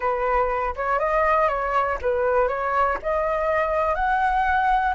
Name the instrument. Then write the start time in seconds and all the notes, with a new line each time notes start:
flute
0.00 B4
0.76 C#5
0.99 D#5
1.48 C#5
2.01 B4
2.47 C#5
3.02 D#5
3.94 F#5